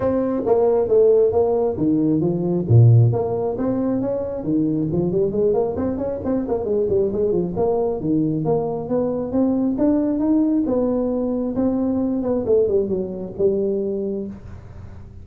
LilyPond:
\new Staff \with { instrumentName = "tuba" } { \time 4/4 \tempo 4 = 135 c'4 ais4 a4 ais4 | dis4 f4 ais,4 ais4 | c'4 cis'4 dis4 f8 g8 | gis8 ais8 c'8 cis'8 c'8 ais8 gis8 g8 |
gis8 f8 ais4 dis4 ais4 | b4 c'4 d'4 dis'4 | b2 c'4. b8 | a8 g8 fis4 g2 | }